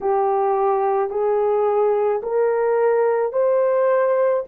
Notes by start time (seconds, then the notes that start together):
0.01 G4
1.10 G#4
2.22 A#4
3.32 C5